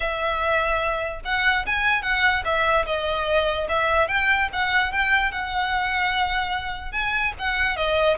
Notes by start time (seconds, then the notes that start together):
0.00 E5
1.24 F#5
1.66 G#5
2.02 F#5
2.45 E5
2.86 D#5
3.68 E5
4.08 G5
4.52 F#5
4.92 G5
5.31 F#5
6.92 G#5
7.38 F#5
7.76 D#5